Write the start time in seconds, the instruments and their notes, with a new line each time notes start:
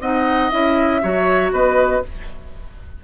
0.00 bassoon C4, clarinet D#4, oboe D#5, flute F#5
0.50 bassoon C#4, clarinet E4, flute E5
1.02 bassoon F#3, clarinet F#4, oboe C#5
1.52 bassoon B3, oboe B4, flute D#5